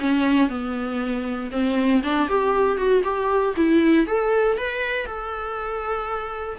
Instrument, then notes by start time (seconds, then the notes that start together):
viola
0.00 C#4
0.49 B3
1.52 C4
2.04 D4
2.29 G4
2.78 F#4
3.04 G4
3.57 E4
4.07 A4
4.58 B4
5.07 A4